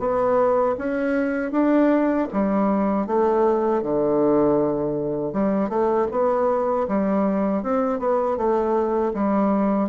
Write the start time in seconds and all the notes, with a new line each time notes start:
0.00 B3
0.78 C#4
1.52 D4
2.33 G3
3.07 A3
3.83 D3
5.33 G3
5.70 A3
6.12 B3
6.88 G3
7.63 C4
8.00 B3
8.38 A3
9.14 G3